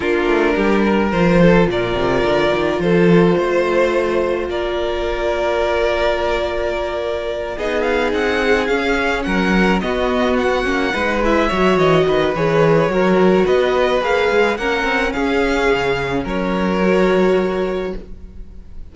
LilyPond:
<<
  \new Staff \with { instrumentName = "violin" } { \time 4/4 \tempo 4 = 107 ais'2 c''4 d''4~ | d''4 c''2. | d''1~ | d''4. dis''8 f''8 fis''4 f''8~ |
f''8 fis''4 dis''4 fis''4. | e''4 dis''4 cis''2 | dis''4 f''4 fis''4 f''4~ | f''4 cis''2. | }
  \new Staff \with { instrumentName = "violin" } { \time 4/4 f'4 g'8 ais'4 a'8 ais'4~ | ais'4 a'4 c''2 | ais'1~ | ais'4. gis'2~ gis'8~ |
gis'8 ais'4 fis'2 b'8~ | b'8 cis''4 b'4. ais'4 | b'2 ais'4 gis'4~ | gis'4 ais'2. | }
  \new Staff \with { instrumentName = "viola" } { \time 4/4 d'2 f'2~ | f'1~ | f'1~ | f'4. dis'2 cis'8~ |
cis'4. b4. cis'8 dis'8 | e'8 fis'4. gis'4 fis'4~ | fis'4 gis'4 cis'2~ | cis'2 fis'2 | }
  \new Staff \with { instrumentName = "cello" } { \time 4/4 ais8 a8 g4 f4 ais,8 c8 | d8 dis8 f4 a2 | ais1~ | ais4. b4 c'4 cis'8~ |
cis'8 fis4 b4. ais8 gis8~ | gis8 fis8 e8 dis8 e4 fis4 | b4 ais8 gis8 ais8 c'8 cis'4 | cis4 fis2. | }
>>